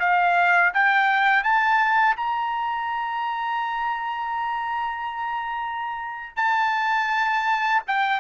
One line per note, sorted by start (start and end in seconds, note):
0.00 0.73 F5
0.74 1.44 G5
1.44 2.17 A5
2.17 6.37 A#5
6.37 7.83 A5
7.88 8.21 G5